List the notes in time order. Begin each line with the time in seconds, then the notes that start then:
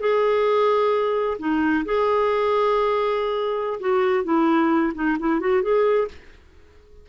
0.00 G#4
1.39 D#4
1.85 G#4
3.80 F#4
4.24 E4
4.94 D#4
5.19 E4
5.40 F#4
5.62 G#4